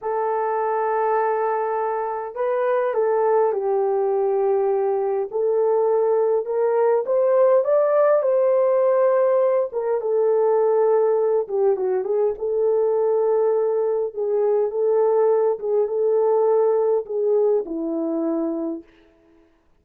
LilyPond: \new Staff \with { instrumentName = "horn" } { \time 4/4 \tempo 4 = 102 a'1 | b'4 a'4 g'2~ | g'4 a'2 ais'4 | c''4 d''4 c''2~ |
c''8 ais'8 a'2~ a'8 g'8 | fis'8 gis'8 a'2. | gis'4 a'4. gis'8 a'4~ | a'4 gis'4 e'2 | }